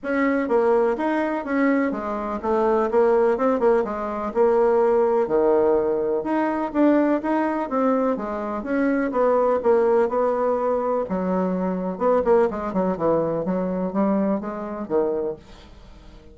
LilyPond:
\new Staff \with { instrumentName = "bassoon" } { \time 4/4 \tempo 4 = 125 cis'4 ais4 dis'4 cis'4 | gis4 a4 ais4 c'8 ais8 | gis4 ais2 dis4~ | dis4 dis'4 d'4 dis'4 |
c'4 gis4 cis'4 b4 | ais4 b2 fis4~ | fis4 b8 ais8 gis8 fis8 e4 | fis4 g4 gis4 dis4 | }